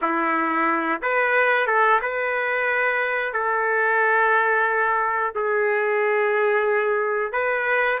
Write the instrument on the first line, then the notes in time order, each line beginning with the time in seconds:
trumpet
0.01 E4
1.02 B4
1.66 A4
2.01 B4
3.33 A4
5.35 G#4
7.32 B4